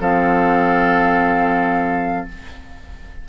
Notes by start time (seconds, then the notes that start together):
0.00 F3 C4 A4 F5